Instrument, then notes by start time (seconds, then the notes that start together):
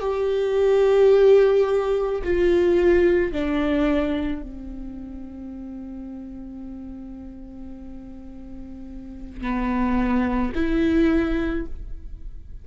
viola
0.00 G4
2.24 F4
3.32 D4
4.43 C4
9.41 B3
10.55 E4